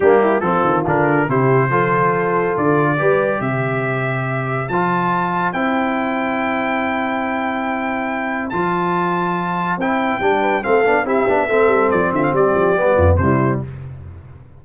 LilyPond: <<
  \new Staff \with { instrumentName = "trumpet" } { \time 4/4 \tempo 4 = 141 g'4 a'4 ais'4 c''4~ | c''2 d''2 | e''2. a''4~ | a''4 g''2.~ |
g''1 | a''2. g''4~ | g''4 f''4 e''2 | d''8 e''16 f''16 d''2 c''4 | }
  \new Staff \with { instrumentName = "horn" } { \time 4/4 d'8 e'8 f'2 g'4 | a'2. b'4 | c''1~ | c''1~ |
c''1~ | c''1~ | c''8 b'8 a'4 g'4 a'4~ | a'8 f'8 g'4. f'8 e'4 | }
  \new Staff \with { instrumentName = "trombone" } { \time 4/4 ais4 c'4 d'4 e'4 | f'2. g'4~ | g'2. f'4~ | f'4 e'2.~ |
e'1 | f'2. e'4 | d'4 c'8 d'8 e'8 d'8 c'4~ | c'2 b4 g4 | }
  \new Staff \with { instrumentName = "tuba" } { \time 4/4 g4 f8 dis8 d4 c4 | f2 d4 g4 | c2. f4~ | f4 c'2.~ |
c'1 | f2. c'4 | g4 a8 b8 c'8 b8 a8 g8 | f8 d8 g8 f8 g8 f,8 c4 | }
>>